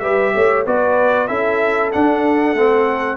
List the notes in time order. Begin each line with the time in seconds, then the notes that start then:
0.00 G3 G4 B4 E5
0.35 A3 C#5
0.66 B3 F#4 B4 D5
1.28 C#4 E4 A4 E5
1.92 D4 F#5
2.54 A3 C4